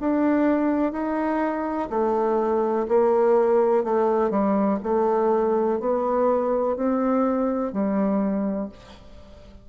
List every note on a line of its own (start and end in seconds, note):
0.00 0.92 D4
0.92 1.89 D#4
1.90 2.87 A3
2.89 3.84 A#3
3.84 4.30 A3
4.30 4.79 G3
4.83 5.80 A3
5.80 6.77 B3
6.77 7.72 C4
7.72 8.69 G3